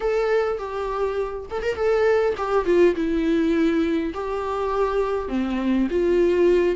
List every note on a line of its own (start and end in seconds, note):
0.00 0.57 A4
0.57 1.46 G4
1.50 1.62 A4
1.62 1.75 A#4
1.75 2.34 A4
2.37 2.65 G4
2.65 2.94 F4
2.95 4.13 E4
4.13 5.28 G4
5.28 5.87 C4
5.90 6.76 F4